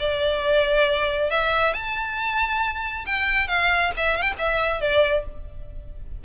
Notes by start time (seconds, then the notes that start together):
0.00 D5
1.31 E5
1.74 A5
3.07 G5
3.48 F5
3.97 E5
4.17 F5 G5
4.39 E5
4.81 D5